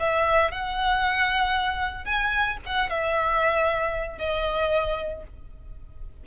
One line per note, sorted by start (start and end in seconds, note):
0.00 0.51 E5
0.51 2.05 F#5
2.05 2.58 G#5
2.67 2.90 F#5
2.90 4.18 E5
4.18 5.24 D#5